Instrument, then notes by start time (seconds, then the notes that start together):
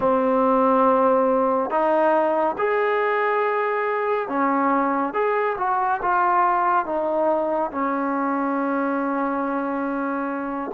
trombone
0.00 C4
1.70 D#4
2.58 G#4
4.28 C#4
5.13 G#4
5.58 F#4
6.02 F4
6.85 D#4
7.71 C#4